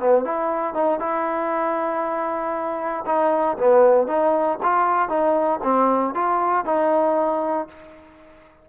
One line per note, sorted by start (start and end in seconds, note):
0.00 0.25 B3
0.25 0.74 E4
0.74 1.00 D#4
1.00 3.05 E4
3.06 3.57 D#4
3.58 4.07 B3
4.07 4.59 D#4
4.63 5.09 F4
5.09 5.60 D#4
5.63 6.14 C4
6.15 6.65 F4
6.65 7.68 D#4